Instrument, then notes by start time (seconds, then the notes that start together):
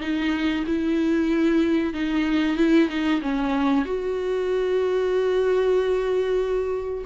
viola
0.00 D#4
0.66 E4
1.93 D#4
2.56 E4
2.88 D#4
3.21 C#4
3.85 F#4